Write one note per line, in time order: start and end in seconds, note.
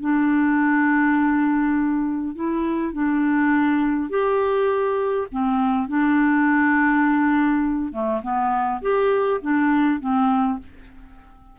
0.00 2.35 D4
2.35 2.93 E4
2.93 4.09 D4
4.09 5.27 G4
5.32 5.88 C4
5.88 7.92 D4
7.92 8.21 A3
8.22 8.81 B3
8.82 9.40 G4
9.41 10.00 D4
10.00 10.59 C4